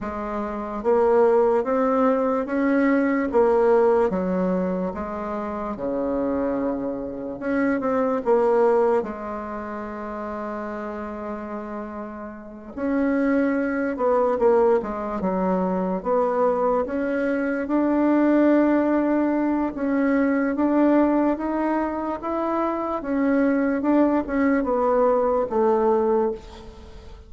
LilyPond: \new Staff \with { instrumentName = "bassoon" } { \time 4/4 \tempo 4 = 73 gis4 ais4 c'4 cis'4 | ais4 fis4 gis4 cis4~ | cis4 cis'8 c'8 ais4 gis4~ | gis2.~ gis8 cis'8~ |
cis'4 b8 ais8 gis8 fis4 b8~ | b8 cis'4 d'2~ d'8 | cis'4 d'4 dis'4 e'4 | cis'4 d'8 cis'8 b4 a4 | }